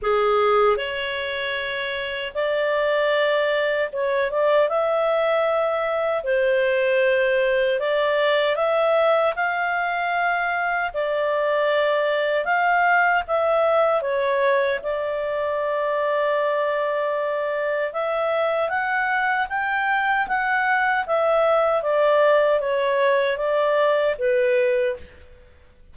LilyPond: \new Staff \with { instrumentName = "clarinet" } { \time 4/4 \tempo 4 = 77 gis'4 cis''2 d''4~ | d''4 cis''8 d''8 e''2 | c''2 d''4 e''4 | f''2 d''2 |
f''4 e''4 cis''4 d''4~ | d''2. e''4 | fis''4 g''4 fis''4 e''4 | d''4 cis''4 d''4 b'4 | }